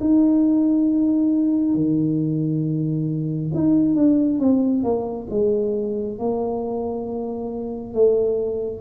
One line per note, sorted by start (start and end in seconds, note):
0.00 1.74 D#4
1.74 3.51 D#3
3.54 3.95 D#4
3.95 4.39 D4
4.39 4.83 C4
4.83 5.27 A#3
5.30 6.18 G#3
6.18 7.94 A#3
7.94 8.81 A3